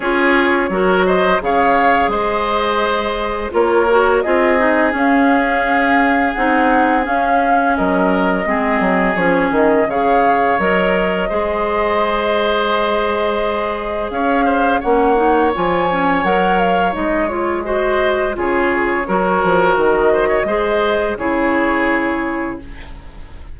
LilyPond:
<<
  \new Staff \with { instrumentName = "flute" } { \time 4/4 \tempo 4 = 85 cis''4. dis''8 f''4 dis''4~ | dis''4 cis''4 dis''4 f''4~ | f''4 fis''4 f''4 dis''4~ | dis''4 cis''8 dis''8 f''4 dis''4~ |
dis''1 | f''4 fis''4 gis''4 fis''8 f''8 | dis''8 cis''8 dis''4 cis''2 | dis''2 cis''2 | }
  \new Staff \with { instrumentName = "oboe" } { \time 4/4 gis'4 ais'8 c''8 cis''4 c''4~ | c''4 ais'4 gis'2~ | gis'2. ais'4 | gis'2 cis''2 |
c''1 | cis''8 c''8 cis''2.~ | cis''4 c''4 gis'4 ais'4~ | ais'8 c''16 cis''16 c''4 gis'2 | }
  \new Staff \with { instrumentName = "clarinet" } { \time 4/4 f'4 fis'4 gis'2~ | gis'4 f'8 fis'8 f'8 dis'8 cis'4~ | cis'4 dis'4 cis'2 | c'4 cis'4 gis'4 ais'4 |
gis'1~ | gis'4 cis'8 dis'8 f'8 cis'8 ais'4 | dis'8 f'8 fis'4 f'4 fis'4~ | fis'4 gis'4 e'2 | }
  \new Staff \with { instrumentName = "bassoon" } { \time 4/4 cis'4 fis4 cis4 gis4~ | gis4 ais4 c'4 cis'4~ | cis'4 c'4 cis'4 fis4 | gis8 fis8 f8 dis8 cis4 fis4 |
gis1 | cis'4 ais4 f4 fis4 | gis2 cis4 fis8 f8 | dis4 gis4 cis2 | }
>>